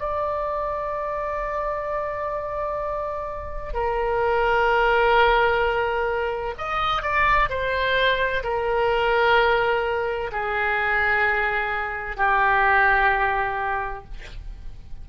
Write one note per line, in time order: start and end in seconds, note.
0.00 3.74 D5
3.74 6.55 A#4
6.58 7.03 D#5
7.03 7.50 D5
7.50 8.43 C5
8.44 10.31 A#4
10.33 12.17 G#4
12.17 14.05 G4